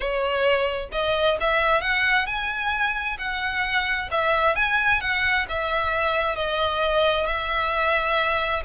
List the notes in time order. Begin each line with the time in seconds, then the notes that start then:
0.00 C#5
0.92 D#5
1.40 E5
1.81 F#5
2.26 G#5
3.18 F#5
4.11 E5
4.55 G#5
5.00 F#5
5.48 E5
6.35 D#5
7.26 E5